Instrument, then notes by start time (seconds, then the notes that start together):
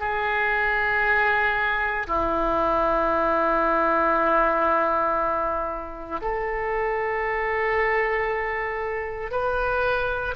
oboe
0.00 G#4
2.07 E4
6.21 A4
9.31 B4